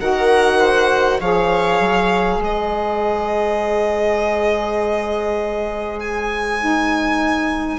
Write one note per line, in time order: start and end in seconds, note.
0.00 1.20 D#3
0.00 1.21 F#4
0.00 0.59 A#4
0.00 1.20 F#5
0.59 1.19 C5
1.20 1.80 F3
1.20 6.60 G#4
1.20 2.40 C#5
1.20 2.41 F5
1.80 2.38 F#3
2.38 7.78 G#3
2.38 7.79 C5
2.38 6.00 D#5
6.00 7.79 G#5
6.60 7.79 D#4